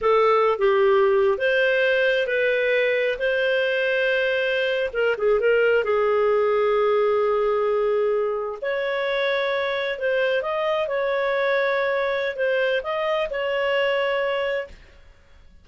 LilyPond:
\new Staff \with { instrumentName = "clarinet" } { \time 4/4 \tempo 4 = 131 a'4~ a'16 g'4.~ g'16 c''4~ | c''4 b'2 c''4~ | c''2~ c''8. ais'8 gis'8 ais'16~ | ais'8. gis'2.~ gis'16~ |
gis'2~ gis'8. cis''4~ cis''16~ | cis''4.~ cis''16 c''4 dis''4 cis''16~ | cis''2. c''4 | dis''4 cis''2. | }